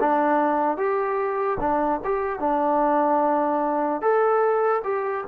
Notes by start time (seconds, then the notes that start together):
0.00 D4
0.77 G4
1.60 D4
2.04 G4
2.40 D4
4.01 A4
4.84 G4